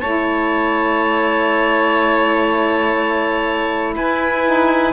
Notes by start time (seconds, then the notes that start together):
0.00 A3 E4 C#5 A5
3.96 E4 B4 G#5
4.45 D#4